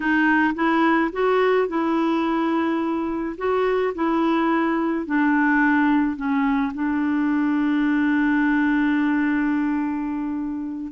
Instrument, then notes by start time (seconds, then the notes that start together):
clarinet
0.00 D#4
0.54 E4
1.12 F#4
1.68 E4
3.37 F#4
3.94 E4
5.06 D4
6.16 C#4
6.74 D4